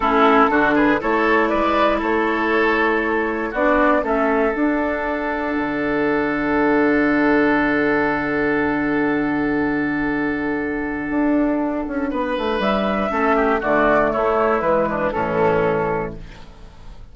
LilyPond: <<
  \new Staff \with { instrumentName = "flute" } { \time 4/4 \tempo 4 = 119 a'4. b'8 cis''4 d''4 | cis''2. d''4 | e''4 fis''2.~ | fis''1~ |
fis''1~ | fis''1~ | fis''4 e''2 d''4 | cis''4 b'4 a'2 | }
  \new Staff \with { instrumentName = "oboe" } { \time 4/4 e'4 fis'8 gis'8 a'4 b'4 | a'2. fis'4 | a'1~ | a'1~ |
a'1~ | a'1 | b'2 a'8 g'8 fis'4 | e'4. d'8 cis'2 | }
  \new Staff \with { instrumentName = "clarinet" } { \time 4/4 cis'4 d'4 e'2~ | e'2. d'4 | cis'4 d'2.~ | d'1~ |
d'1~ | d'1~ | d'2 cis'4 a4~ | a4 gis4 e2 | }
  \new Staff \with { instrumentName = "bassoon" } { \time 4/4 a4 d4 a4 gis4 | a2. b4 | a4 d'2 d4~ | d1~ |
d1~ | d2 d'4. cis'8 | b8 a8 g4 a4 d4 | a4 e4 a,2 | }
>>